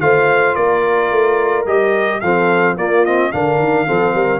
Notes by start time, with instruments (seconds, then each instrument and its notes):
0.00 tuba A3, trombone F4, horn C5, trumpet F5
0.55 tuba A#3, horn A#4, trumpet D5
1.11 tuba A3
1.65 tuba G3, trombone G4, trumpet D#5
2.20 tuba F3, trombone C4, horn A4, trumpet F5
2.76 tuba A#3, trombone A#3, horn F4, trumpet D5
3.05 trombone C4, trumpet D#5
3.32 tuba D3, trombone D4, horn A#4, trumpet F5
3.59 tuba D#3
3.86 tuba F3, trombone C4, horn A4
4.13 tuba G3, horn A#4